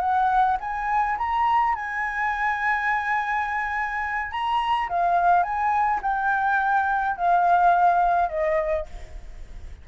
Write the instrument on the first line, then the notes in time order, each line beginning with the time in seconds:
flute
0.00 F#5
0.60 G#5
1.18 A#5
1.75 G#5
4.31 A#5
4.89 F5
5.43 G#5
6.02 G5
7.17 F5
8.29 D#5